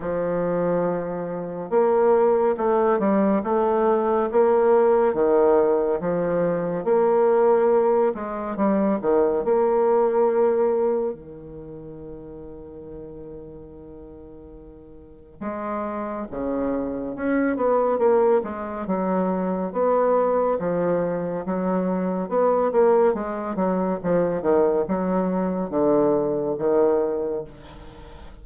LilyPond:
\new Staff \with { instrumentName = "bassoon" } { \time 4/4 \tempo 4 = 70 f2 ais4 a8 g8 | a4 ais4 dis4 f4 | ais4. gis8 g8 dis8 ais4~ | ais4 dis2.~ |
dis2 gis4 cis4 | cis'8 b8 ais8 gis8 fis4 b4 | f4 fis4 b8 ais8 gis8 fis8 | f8 dis8 fis4 d4 dis4 | }